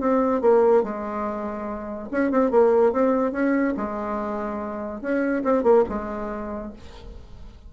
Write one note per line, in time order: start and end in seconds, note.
0.00 0.41 C4
0.41 0.83 A#3
0.83 2.09 G#3
2.11 2.31 C#4
2.31 2.51 C4
2.51 2.92 A#3
2.92 3.32 C4
3.32 3.74 C#4
3.76 5.01 G#3
5.01 5.43 C#4
5.44 5.63 C4
5.63 5.84 A#3
5.89 6.73 G#3